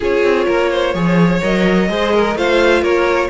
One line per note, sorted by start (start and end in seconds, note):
0.00 0.23 C#4
0.00 0.94 F4
0.00 0.46 G#4
0.00 1.43 C#5
0.23 0.47 C4
0.46 0.94 A#3
0.46 0.69 A#4
0.71 0.94 C5
0.94 1.41 F3
0.94 1.41 G#4
0.94 1.89 C#5
1.42 1.89 F#3
1.42 1.88 A#4
1.42 2.37 D#5
1.88 2.35 G#3
1.88 2.36 G#4
1.88 2.13 C5
2.13 2.37 A#4
2.35 2.81 A3
2.35 3.29 F4
2.35 2.81 C5
2.35 2.83 F5
2.81 3.29 A#3
2.81 3.28 A#4
2.81 3.29 C#5